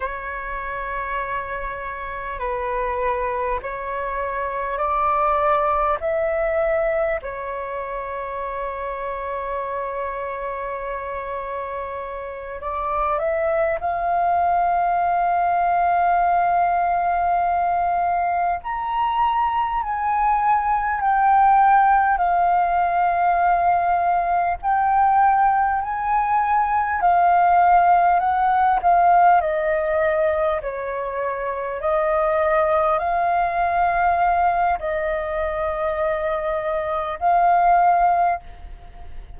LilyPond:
\new Staff \with { instrumentName = "flute" } { \time 4/4 \tempo 4 = 50 cis''2 b'4 cis''4 | d''4 e''4 cis''2~ | cis''2~ cis''8 d''8 e''8 f''8~ | f''2.~ f''8 ais''8~ |
ais''8 gis''4 g''4 f''4.~ | f''8 g''4 gis''4 f''4 fis''8 | f''8 dis''4 cis''4 dis''4 f''8~ | f''4 dis''2 f''4 | }